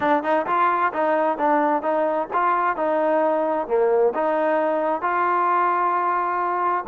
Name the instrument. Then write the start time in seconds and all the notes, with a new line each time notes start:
trombone
0.00 D4
0.23 D#4
0.46 F4
0.93 D#4
1.38 D4
1.82 D#4
2.33 F4
2.76 D#4
3.67 A#3
4.14 D#4
5.01 F4